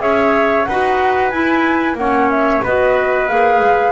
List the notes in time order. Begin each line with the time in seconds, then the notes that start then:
0.00 C#4 G#4 C#5 E5
0.65 D#4 B4 F#5
0.71 F#4
1.30 E4 G#5
1.95 A#3 C#4 C#5 F#5
2.31 E5
2.64 B3 F#4 B4 D#5
3.29 A#3 G#4 F5
3.60 G#3